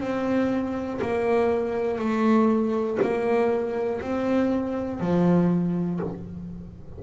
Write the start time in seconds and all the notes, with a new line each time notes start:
0.00 C4
1.01 A#3
1.98 A3
3.01 A#3
4.00 C4
5.00 F3